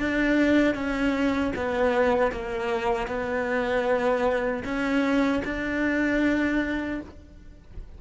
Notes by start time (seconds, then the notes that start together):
0.00 D4
0.75 C#4
1.56 B3
2.32 A#3
3.08 B3
4.65 C#4
5.45 D4